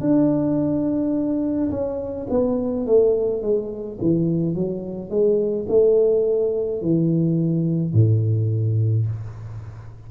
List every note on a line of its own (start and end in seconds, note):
0.00 1.70 D4
1.70 2.27 C#4
2.30 2.86 B3
2.86 3.42 A3
3.42 3.98 G#3
4.01 4.55 E3
4.55 5.09 F#3
5.09 5.66 G#3
5.68 6.81 A3
6.81 7.93 E3
7.93 9.06 A2